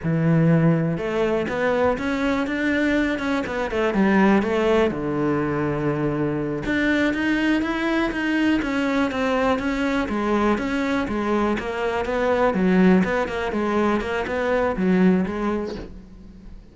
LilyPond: \new Staff \with { instrumentName = "cello" } { \time 4/4 \tempo 4 = 122 e2 a4 b4 | cis'4 d'4. cis'8 b8 a8 | g4 a4 d2~ | d4. d'4 dis'4 e'8~ |
e'8 dis'4 cis'4 c'4 cis'8~ | cis'8 gis4 cis'4 gis4 ais8~ | ais8 b4 fis4 b8 ais8 gis8~ | gis8 ais8 b4 fis4 gis4 | }